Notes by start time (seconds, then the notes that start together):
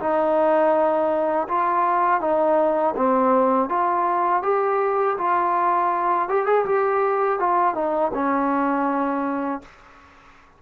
0.00 D#4
1.48 F4
2.21 D#4
2.97 C4
3.70 F4
4.43 G4
5.18 F4
6.29 G4
6.47 G#4
6.66 G4
7.40 F4
7.75 D#4
8.14 C#4